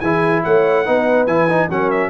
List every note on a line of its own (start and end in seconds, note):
0.00 0.43 E3
0.00 0.85 E4
0.00 0.42 G#4
0.00 0.42 G#5
0.44 0.87 A3
0.44 0.85 C#5
0.44 1.26 F#5
0.85 1.27 B3
0.85 1.27 D#4
0.85 1.69 B4
1.26 1.69 E3
1.26 1.48 E4
1.26 1.68 G#5
1.49 1.69 D#4
1.69 2.09 F#3
1.69 2.09 C#4
1.69 2.09 A#4
1.69 1.90 F#5
1.90 2.09 E5